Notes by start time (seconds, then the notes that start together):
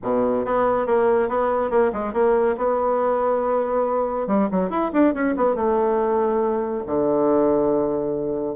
0.02 B2
0.45 B3
0.86 A#3
1.29 B3
1.70 A#3
1.92 G#3
2.13 A#3
2.57 B3
4.27 G3
4.51 F#3
4.69 E4
4.92 D4
5.14 C#4
5.36 B3
5.55 A3
6.86 D3